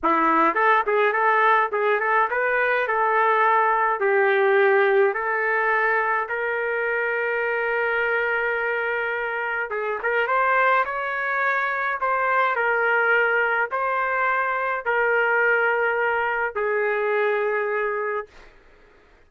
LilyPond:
\new Staff \with { instrumentName = "trumpet" } { \time 4/4 \tempo 4 = 105 e'4 a'8 gis'8 a'4 gis'8 a'8 | b'4 a'2 g'4~ | g'4 a'2 ais'4~ | ais'1~ |
ais'4 gis'8 ais'8 c''4 cis''4~ | cis''4 c''4 ais'2 | c''2 ais'2~ | ais'4 gis'2. | }